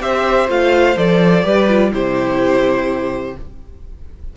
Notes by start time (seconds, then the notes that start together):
0.00 C4 G4 C5 E5
0.48 A3 F4 F5
0.97 F3 A4 D5
1.43 G3 G4 B4
1.68 F4
1.92 C3 E4 G4 C5